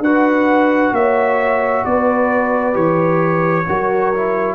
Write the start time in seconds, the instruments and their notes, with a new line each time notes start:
0.00 tuba D4, trombone F#4, horn B4, trumpet F#5
0.92 tuba A#3, horn C#5, trumpet E5
1.85 tuba B3, horn B4, trumpet D5
2.73 tuba E3, trombone G4, trumpet C#5
3.68 tuba F#3, trombone F#4, horn A#4
4.15 trombone E4